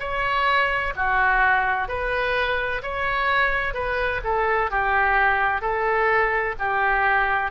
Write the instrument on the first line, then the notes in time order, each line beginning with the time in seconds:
oboe
0.00 C#5
0.96 F#4
1.89 B4
2.83 C#5
3.75 B4
4.24 A4
4.71 G4
5.62 A4
6.59 G4